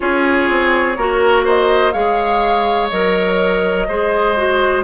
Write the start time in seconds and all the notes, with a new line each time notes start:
0.00 C#4 F4 G#4 C#5
0.49 C4
0.97 A#3 F#4 A#4
1.45 C5 D#5
1.92 G#3 G#4 C#5 F5
2.89 F#3 A#4 D#5
3.88 G#3 G#4 C5
4.36 F#4